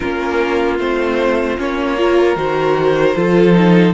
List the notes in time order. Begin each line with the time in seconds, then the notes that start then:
0.00 A#3 C#4 F4 A#4
0.78 A3 C4 C5
1.57 A#3 C#4 C#5
1.97 F4 A#4
2.35 D#3 F#4 C5
3.16 F3 F4 A4
3.53 D#4